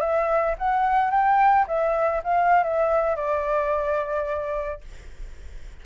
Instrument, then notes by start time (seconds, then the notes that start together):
flute
0.00 E5
0.58 F#5
1.10 G5
1.67 E5
2.23 F5
2.63 E5
3.16 D5